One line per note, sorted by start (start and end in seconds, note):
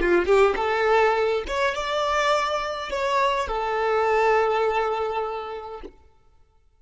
0.00 0.25 F4
0.25 0.54 G4
0.56 1.43 A4
1.47 1.75 C#5
1.75 2.90 D5
2.90 3.48 C#5
3.48 5.81 A4